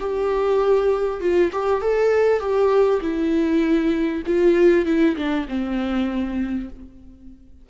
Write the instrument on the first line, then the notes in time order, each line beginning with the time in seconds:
viola
0.00 G4
1.21 F4
1.52 G4
1.81 A4
2.40 G4
3.01 E4
4.26 F4
4.85 E4
5.16 D4
5.48 C4